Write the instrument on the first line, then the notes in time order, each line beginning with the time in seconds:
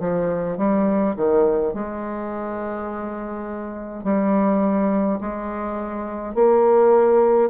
bassoon
0.00 F3
0.58 G3
1.16 D#3
1.74 G#3
4.04 G3
5.21 G#3
6.35 A#3